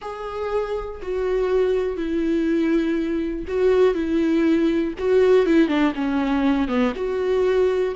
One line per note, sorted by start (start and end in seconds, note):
0.01 1.00 G#4
1.02 1.97 F#4
1.97 3.45 E4
3.47 3.94 F#4
3.94 4.93 E4
4.98 5.45 F#4
5.45 5.68 E4
5.68 5.92 D4
5.94 6.67 C#4
6.67 6.92 B3
6.95 7.94 F#4